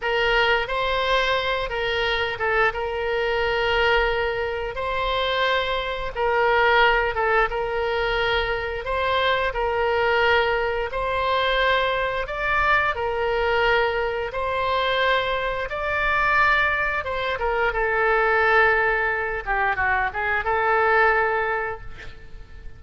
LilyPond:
\new Staff \with { instrumentName = "oboe" } { \time 4/4 \tempo 4 = 88 ais'4 c''4. ais'4 a'8 | ais'2. c''4~ | c''4 ais'4. a'8 ais'4~ | ais'4 c''4 ais'2 |
c''2 d''4 ais'4~ | ais'4 c''2 d''4~ | d''4 c''8 ais'8 a'2~ | a'8 g'8 fis'8 gis'8 a'2 | }